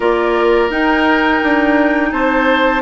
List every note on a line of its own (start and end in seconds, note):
0.00 0.69 A#3
0.00 0.70 F4
0.00 2.09 A#4
0.00 0.70 D5
0.69 1.40 D#4
0.69 2.81 D#4
0.69 2.11 G5
1.43 2.12 D4
2.11 2.81 C4
2.11 2.81 C5
2.11 2.81 A5